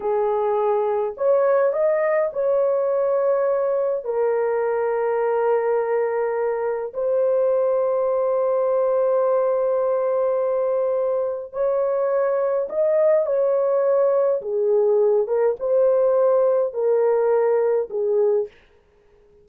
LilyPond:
\new Staff \with { instrumentName = "horn" } { \time 4/4 \tempo 4 = 104 gis'2 cis''4 dis''4 | cis''2. ais'4~ | ais'1 | c''1~ |
c''1 | cis''2 dis''4 cis''4~ | cis''4 gis'4. ais'8 c''4~ | c''4 ais'2 gis'4 | }